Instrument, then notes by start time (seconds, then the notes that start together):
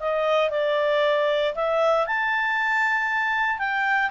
clarinet
0.00 D#5
0.50 D5
1.55 E5
2.07 A5
3.59 G5